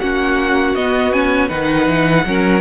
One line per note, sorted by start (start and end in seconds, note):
0.00 0.75 A#3
0.00 0.77 C#4
0.00 1.49 F#4
0.00 0.75 F#5
0.75 1.51 B3
0.75 1.13 B3
0.75 1.13 D#5
1.13 1.50 C#4
1.13 1.49 G#5
1.49 1.88 D#3
1.49 2.26 D#4
1.49 2.25 B4
1.49 2.61 F#5
1.88 2.26 E3
2.26 2.61 F#3
2.26 2.61 C#4
2.26 2.61 A#4